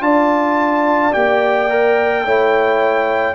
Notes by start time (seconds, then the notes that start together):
0.00 D4 F4 D5 A5
1.12 A#3 G4 G5
1.69 A#4
2.24 A3 E4 C#5